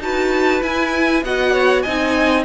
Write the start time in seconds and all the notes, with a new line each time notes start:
0.00 D#4 F#4 B4 A5
0.61 E4 G#5
1.23 B3 F#4 D#5 F#5
1.52 C#5
1.82 C4 D#4 D#5 G#5